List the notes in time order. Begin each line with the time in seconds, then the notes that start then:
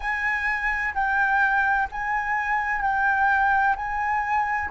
0.00 G#5
0.94 G5
1.91 G#5
2.81 G5
3.76 G#5